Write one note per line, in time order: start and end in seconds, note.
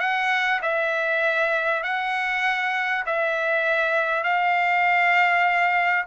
0.00 0.61 F#5
0.62 1.83 E5
1.83 3.04 F#5
3.06 4.24 E5
4.24 6.06 F5